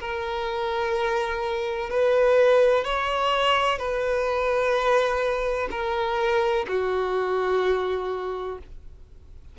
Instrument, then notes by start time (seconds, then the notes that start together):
violin
0.00 A#4
1.90 B4
2.84 C#5
3.78 B4
5.71 A#4
6.68 F#4